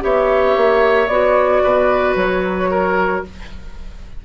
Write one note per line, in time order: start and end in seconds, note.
0.00 0.56 B3
0.00 1.07 G4
0.00 1.62 C#5
0.00 1.08 E5
0.56 1.08 A#3
1.08 1.61 B3
1.08 3.25 F#4
1.08 2.15 D5
1.62 2.15 B2
1.62 2.70 B4
2.15 3.22 F#3
2.15 3.23 C#5
2.70 3.24 A#4